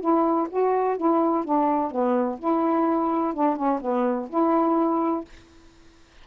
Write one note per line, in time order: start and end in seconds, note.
0.00 0.48 E4
0.50 0.97 F#4
0.97 1.44 E4
1.44 1.91 D4
1.91 2.39 B3
2.39 3.34 E4
3.34 3.56 D4
3.56 3.80 C#4
3.81 4.29 B3
4.29 5.25 E4